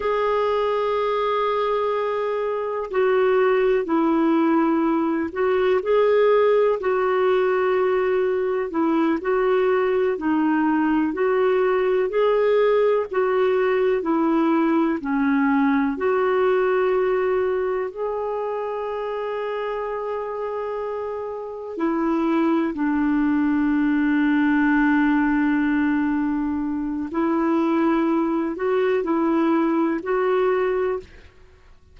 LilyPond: \new Staff \with { instrumentName = "clarinet" } { \time 4/4 \tempo 4 = 62 gis'2. fis'4 | e'4. fis'8 gis'4 fis'4~ | fis'4 e'8 fis'4 dis'4 fis'8~ | fis'8 gis'4 fis'4 e'4 cis'8~ |
cis'8 fis'2 gis'4.~ | gis'2~ gis'8 e'4 d'8~ | d'1 | e'4. fis'8 e'4 fis'4 | }